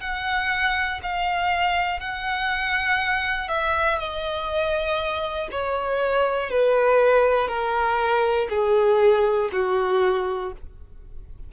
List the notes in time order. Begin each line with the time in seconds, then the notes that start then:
0.00 F#5
1.02 F5
2.00 F#5
3.48 E5
3.98 D#5
5.51 C#5
6.50 B4
7.48 A#4
8.49 G#4
9.52 F#4